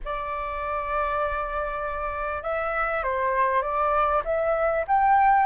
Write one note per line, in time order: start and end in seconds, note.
0.04 2.42 D5
2.42 3.03 E5
3.03 3.62 C5
3.62 4.22 D5
4.24 4.85 E5
4.87 5.46 G5